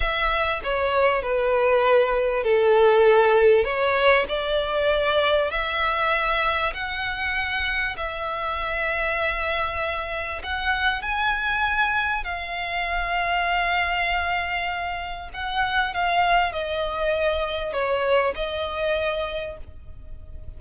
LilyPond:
\new Staff \with { instrumentName = "violin" } { \time 4/4 \tempo 4 = 98 e''4 cis''4 b'2 | a'2 cis''4 d''4~ | d''4 e''2 fis''4~ | fis''4 e''2.~ |
e''4 fis''4 gis''2 | f''1~ | f''4 fis''4 f''4 dis''4~ | dis''4 cis''4 dis''2 | }